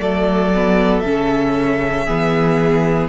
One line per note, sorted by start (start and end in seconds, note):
0.00 1.04 F#3
0.00 0.52 A3
0.00 2.06 A4
0.00 1.00 D5
0.55 1.05 B3
1.00 2.08 C#3
1.00 2.08 C#4
1.00 3.07 E5
2.06 3.09 E3
2.06 3.09 B3
2.06 3.09 G#4